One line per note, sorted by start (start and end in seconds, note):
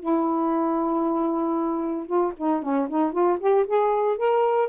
0.00 2.07 E4
2.07 2.33 F4
2.37 2.63 D#4
2.63 2.89 C#4
2.90 3.13 D#4
3.13 3.39 F4
3.40 3.66 G4
3.67 4.18 G#4
4.18 4.69 A#4